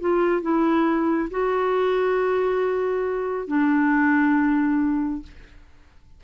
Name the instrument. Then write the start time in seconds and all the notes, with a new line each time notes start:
clarinet
0.00 F4
0.42 E4
1.30 F#4
3.47 D4